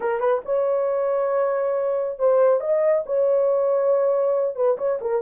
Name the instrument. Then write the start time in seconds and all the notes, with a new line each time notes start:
horn
0.00 A#4
0.20 B4
0.45 C#5
2.18 C5
2.60 D#5
3.06 C#5
4.55 B4
4.77 C#5
5.01 A#4